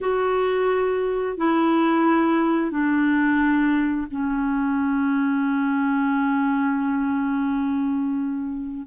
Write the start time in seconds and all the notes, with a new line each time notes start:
0.00 F#4
1.37 E4
2.71 D4
4.10 C#4